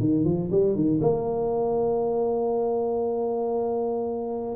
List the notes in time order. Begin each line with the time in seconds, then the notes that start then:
0.00 D#3
0.25 F3
0.52 G3
0.75 D#3
1.01 A#3